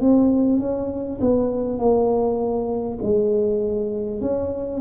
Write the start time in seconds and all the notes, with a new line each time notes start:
0.00 C4
0.59 C#4
1.21 B3
1.78 A#3
3.02 G#3
4.21 C#4